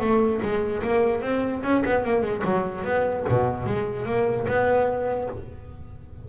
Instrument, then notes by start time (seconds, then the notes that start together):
double bass
0.00 A3
0.42 G#3
0.83 A#3
1.22 C4
1.63 C#4
1.85 B3
2.04 A#3
2.22 G#3
2.44 F#3
2.84 B3
3.29 B2
3.66 G#3
4.06 A#3
4.48 B3